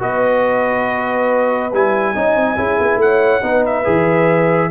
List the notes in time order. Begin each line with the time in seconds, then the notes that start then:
0.00 B3 F#4 B4 D#5
1.73 G3 E4 G#5
2.15 C#4 D#4 D#5
2.36 C4
2.57 C#4 E4 G#4
2.80 B3
2.97 A3 F#5
3.03 C#5
3.42 B3 D#4 B4
3.66 E5
3.85 E3 G#4